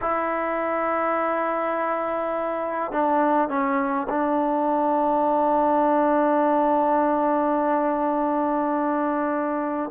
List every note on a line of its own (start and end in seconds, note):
0.01 2.92 E4
2.92 3.48 D4
3.48 4.07 C#4
4.09 9.90 D4